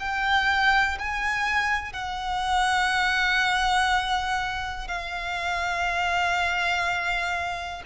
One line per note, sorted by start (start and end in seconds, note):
0.00 0.98 G5
0.99 1.93 G#5
1.93 4.88 F#5
4.88 7.83 F5